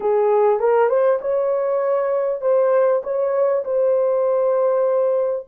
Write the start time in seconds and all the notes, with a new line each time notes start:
0.00 G#4
0.59 A#4
0.89 C5
1.21 C#5
2.41 C5
3.03 C#5
3.64 C5